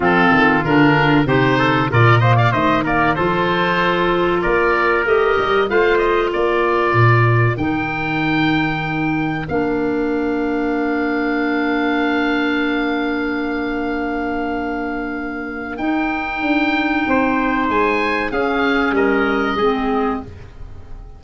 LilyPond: <<
  \new Staff \with { instrumentName = "oboe" } { \time 4/4 \tempo 4 = 95 a'4 ais'4 c''4 d''8 dis''16 f''16 | dis''8 d''8 c''2 d''4 | dis''4 f''8 dis''8 d''2 | g''2. f''4~ |
f''1~ | f''1~ | f''4 g''2. | gis''4 f''4 dis''2 | }
  \new Staff \with { instrumentName = "trumpet" } { \time 4/4 f'2 g'8 a'8 ais'8 c''16 d''16 | c''8 ais'8 a'2 ais'4~ | ais'4 c''4 ais'2~ | ais'1~ |
ais'1~ | ais'1~ | ais'2. c''4~ | c''4 gis'4 ais'4 gis'4 | }
  \new Staff \with { instrumentName = "clarinet" } { \time 4/4 c'4 d'4 dis'4 f'8 ais8 | a8 ais8 f'2. | g'4 f'2. | dis'2. d'4~ |
d'1~ | d'1~ | d'4 dis'2.~ | dis'4 cis'2 c'4 | }
  \new Staff \with { instrumentName = "tuba" } { \time 4/4 f8 dis8 d4 c4 ais,4 | dis4 f2 ais4 | a8 g8 a4 ais4 ais,4 | dis2. ais4~ |
ais1~ | ais1~ | ais4 dis'4 d'4 c'4 | gis4 cis'4 g4 gis4 | }
>>